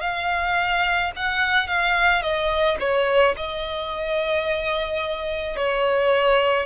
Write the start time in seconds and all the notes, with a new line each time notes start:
0.00 F5
1.16 F#5
1.67 F5
2.21 D#5
2.79 C#5
3.36 D#5
5.56 C#5